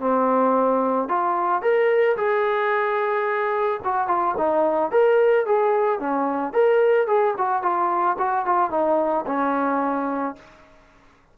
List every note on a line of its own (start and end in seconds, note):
0.00 1.09 C4
1.09 1.62 F4
1.62 2.17 A#4
2.17 3.81 G#4
3.85 4.08 F#4
4.08 4.35 F4
4.38 4.92 D#4
4.92 5.46 A#4
5.46 6.00 G#4
6.00 6.54 C#4
6.54 7.07 A#4
7.07 7.35 G#4
7.38 7.62 F#4
7.62 8.17 F4
8.19 8.46 F#4
8.46 8.71 F4
8.71 9.25 D#4
9.27 10.36 C#4